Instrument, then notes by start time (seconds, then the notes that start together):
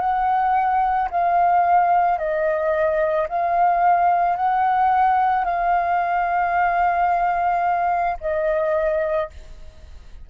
flute
0.00 F#5
1.11 F5
2.18 D#5
3.28 F5
4.36 F#5
5.44 F5
8.21 D#5